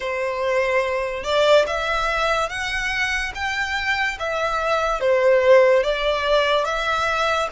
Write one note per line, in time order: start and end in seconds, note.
0.00 1.23 C5
1.23 1.65 D5
1.67 2.49 E5
2.49 3.32 F#5
3.34 4.18 G5
4.19 5.00 E5
5.00 5.83 C5
5.83 6.64 D5
6.64 7.48 E5